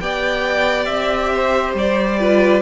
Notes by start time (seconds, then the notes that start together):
0.00 B3 G4 D5 G5
0.85 C4 E5
1.34 C5
1.74 G3 D5
2.19 F4 B4